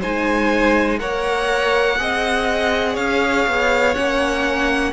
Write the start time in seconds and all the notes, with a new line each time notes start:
0.00 G#3 D#4 C5 G#5
0.98 A#3 A#4 C#5 F#5
1.97 C4 G#4 D#5
2.93 C#4 C#5 F5
3.47 B3
3.94 A#3 C#4 F#5